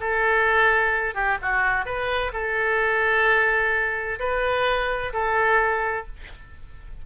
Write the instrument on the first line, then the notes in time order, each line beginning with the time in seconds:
oboe
0.00 A4
1.14 G4
1.42 F#4
1.85 B4
2.33 A4
4.19 B4
5.13 A4